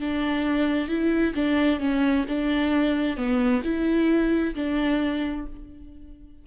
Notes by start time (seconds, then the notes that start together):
0.00 D4
0.88 E4
1.35 D4
1.80 C#4
2.28 D4
3.17 B3
3.64 E4
4.55 D4